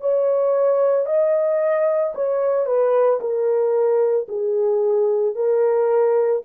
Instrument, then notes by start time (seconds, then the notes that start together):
horn
0.00 C#5
1.06 D#5
2.15 C#5
2.66 B4
3.20 A#4
4.28 G#4
5.35 A#4